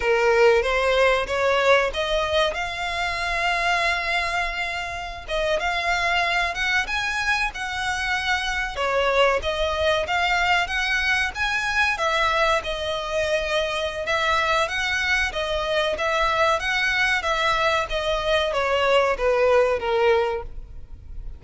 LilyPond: \new Staff \with { instrumentName = "violin" } { \time 4/4 \tempo 4 = 94 ais'4 c''4 cis''4 dis''4 | f''1~ | f''16 dis''8 f''4. fis''8 gis''4 fis''16~ | fis''4.~ fis''16 cis''4 dis''4 f''16~ |
f''8. fis''4 gis''4 e''4 dis''16~ | dis''2 e''4 fis''4 | dis''4 e''4 fis''4 e''4 | dis''4 cis''4 b'4 ais'4 | }